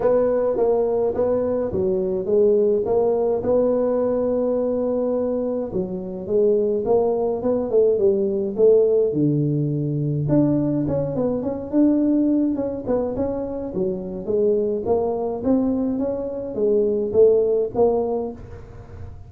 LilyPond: \new Staff \with { instrumentName = "tuba" } { \time 4/4 \tempo 4 = 105 b4 ais4 b4 fis4 | gis4 ais4 b2~ | b2 fis4 gis4 | ais4 b8 a8 g4 a4 |
d2 d'4 cis'8 b8 | cis'8 d'4. cis'8 b8 cis'4 | fis4 gis4 ais4 c'4 | cis'4 gis4 a4 ais4 | }